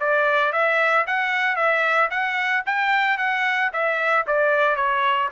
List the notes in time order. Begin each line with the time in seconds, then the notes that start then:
0.00 D5
0.52 E5
1.07 F#5
1.56 E5
2.10 F#5
2.66 G5
3.18 F#5
3.72 E5
4.27 D5
4.76 C#5